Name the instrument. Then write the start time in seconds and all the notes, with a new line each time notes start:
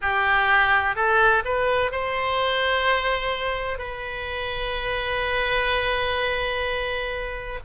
oboe
0.01 G4
0.95 A4
1.44 B4
1.91 C5
3.78 B4